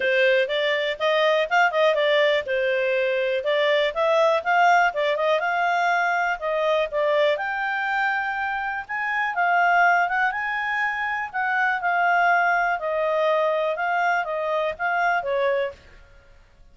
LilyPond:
\new Staff \with { instrumentName = "clarinet" } { \time 4/4 \tempo 4 = 122 c''4 d''4 dis''4 f''8 dis''8 | d''4 c''2 d''4 | e''4 f''4 d''8 dis''8 f''4~ | f''4 dis''4 d''4 g''4~ |
g''2 gis''4 f''4~ | f''8 fis''8 gis''2 fis''4 | f''2 dis''2 | f''4 dis''4 f''4 cis''4 | }